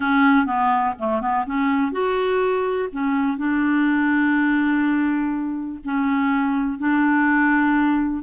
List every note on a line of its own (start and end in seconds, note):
0.00 0.46 C#4
0.46 0.94 B3
0.98 1.21 A3
1.21 1.45 B3
1.46 1.92 C#4
1.92 2.88 F#4
2.91 3.37 C#4
3.37 5.79 D4
5.84 6.78 C#4
6.78 8.23 D4